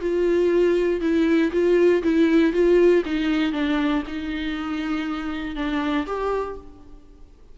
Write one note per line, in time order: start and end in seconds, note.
0.00 1.01 F4
1.01 1.51 E4
1.52 2.02 F4
2.02 2.53 E4
2.53 3.03 F4
3.05 3.52 D#4
3.52 4.02 D4
4.07 5.55 D#4
5.55 6.06 D4
6.06 6.56 G4